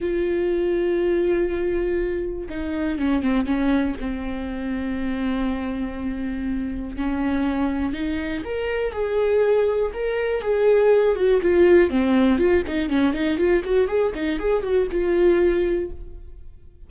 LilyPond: \new Staff \with { instrumentName = "viola" } { \time 4/4 \tempo 4 = 121 f'1~ | f'4 dis'4 cis'8 c'8 cis'4 | c'1~ | c'2 cis'2 |
dis'4 ais'4 gis'2 | ais'4 gis'4. fis'8 f'4 | c'4 f'8 dis'8 cis'8 dis'8 f'8 fis'8 | gis'8 dis'8 gis'8 fis'8 f'2 | }